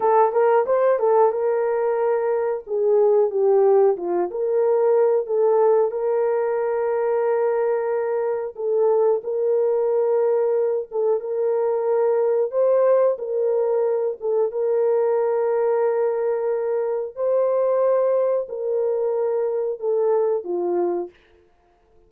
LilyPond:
\new Staff \with { instrumentName = "horn" } { \time 4/4 \tempo 4 = 91 a'8 ais'8 c''8 a'8 ais'2 | gis'4 g'4 f'8 ais'4. | a'4 ais'2.~ | ais'4 a'4 ais'2~ |
ais'8 a'8 ais'2 c''4 | ais'4. a'8 ais'2~ | ais'2 c''2 | ais'2 a'4 f'4 | }